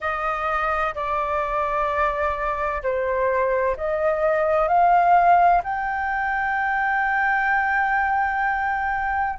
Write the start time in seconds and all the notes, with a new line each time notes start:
0.00 D#5
0.95 D5
2.82 C5
3.76 D#5
4.68 F5
5.63 G5